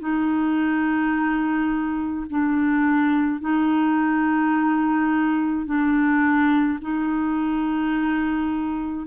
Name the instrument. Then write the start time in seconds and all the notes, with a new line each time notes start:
clarinet
0.00 D#4
2.30 D4
3.41 D#4
5.66 D4
6.81 D#4